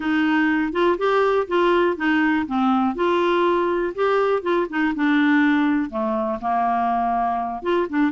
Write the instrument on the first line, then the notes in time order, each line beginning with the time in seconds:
clarinet
0.00 D#4
0.72 F4
0.98 G4
1.47 F4
1.96 D#4
2.47 C4
2.95 F4
3.94 G4
4.42 F4
4.69 D#4
4.95 D4
5.89 A3
6.41 A#3
7.62 F4
7.89 D4